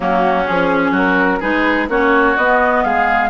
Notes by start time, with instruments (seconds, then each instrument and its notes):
0.00 bassoon F#3, clarinet A#3, oboe C#4, flute F#4
0.46 bassoon F3, clarinet C#4, flute G#4
0.91 bassoon F#3, oboe F#4, flute A#4
1.40 bassoon G#3, clarinet D#4, oboe G#4, flute B4
1.88 bassoon A#3, clarinet C#4, oboe F#4, flute C#5
2.37 bassoon B3, clarinet B3, flute D#5
2.83 bassoon G#3, oboe G#4, flute F5